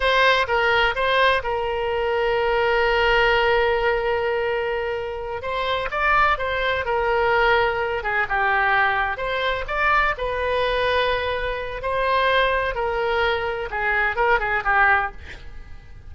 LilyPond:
\new Staff \with { instrumentName = "oboe" } { \time 4/4 \tempo 4 = 127 c''4 ais'4 c''4 ais'4~ | ais'1~ | ais'2.~ ais'8 c''8~ | c''8 d''4 c''4 ais'4.~ |
ais'4 gis'8 g'2 c''8~ | c''8 d''4 b'2~ b'8~ | b'4 c''2 ais'4~ | ais'4 gis'4 ais'8 gis'8 g'4 | }